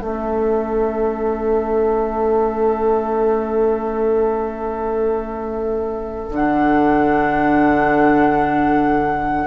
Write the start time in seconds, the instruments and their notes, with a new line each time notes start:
0.00 bassoon A3, clarinet C#4, oboe A4, flute E5
6.30 bassoon D3, clarinet D4, flute F#5